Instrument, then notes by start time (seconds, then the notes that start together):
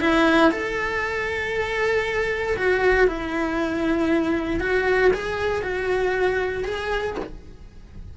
cello
0.00 E4
0.51 A4
2.57 F#4
3.07 E4
4.60 F#4
5.13 G#4
5.62 F#4
6.65 G#4